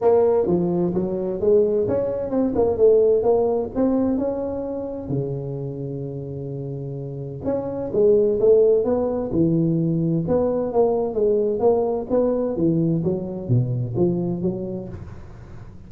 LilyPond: \new Staff \with { instrumentName = "tuba" } { \time 4/4 \tempo 4 = 129 ais4 f4 fis4 gis4 | cis'4 c'8 ais8 a4 ais4 | c'4 cis'2 cis4~ | cis1 |
cis'4 gis4 a4 b4 | e2 b4 ais4 | gis4 ais4 b4 e4 | fis4 b,4 f4 fis4 | }